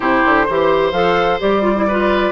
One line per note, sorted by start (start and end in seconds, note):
0.00 0.23 C3
0.00 0.46 E4
0.00 0.46 G4
0.00 0.92 C5
0.25 0.48 D3
0.46 0.92 E3
0.46 0.93 G4
0.46 1.87 C5
0.92 1.38 F3
0.92 1.40 A4
0.92 1.38 F5
1.40 2.32 G3
1.40 1.62 G4
1.40 2.32 D5
1.62 1.73 F4
1.76 1.88 E4
1.87 2.32 F4
1.87 2.32 B4